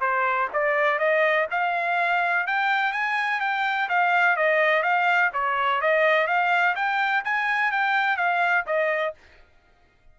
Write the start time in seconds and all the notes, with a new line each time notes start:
0.00 C5
0.53 D5
0.99 D#5
1.51 F5
2.47 G5
2.92 G#5
3.40 G5
3.89 F5
4.36 D#5
4.82 F5
5.33 C#5
5.81 D#5
6.27 F5
6.75 G5
7.24 G#5
7.71 G5
8.17 F5
8.66 D#5